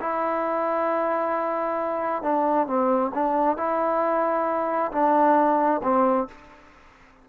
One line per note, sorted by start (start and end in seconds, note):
0.00 2.23 E4
2.23 2.67 D4
2.67 3.11 C4
3.14 3.57 D4
3.57 4.91 E4
4.91 5.81 D4
5.82 6.27 C4